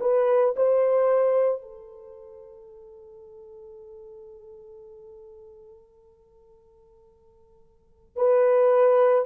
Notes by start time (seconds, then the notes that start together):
0.00 B4
0.56 C5
1.62 A4
8.16 B4